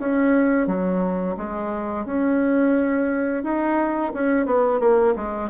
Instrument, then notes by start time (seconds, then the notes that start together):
bassoon
0.00 C#4
0.67 F#3
1.38 G#3
2.06 C#4
3.44 D#4
4.14 C#4
4.46 B3
4.80 A#3
5.16 G#3